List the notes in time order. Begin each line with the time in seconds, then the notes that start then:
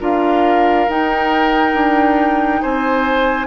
0.00 D4 F4 A#4 F5
0.88 D#4 G5
1.74 D4
2.61 C4 C5 G#5